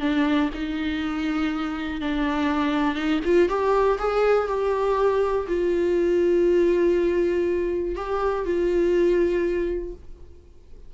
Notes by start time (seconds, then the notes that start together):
0.00 D4
0.54 D#4
2.01 D4
2.95 D#4
3.25 F4
3.49 G4
3.99 G#4
4.48 G4
5.47 F4
7.95 G4
8.45 F4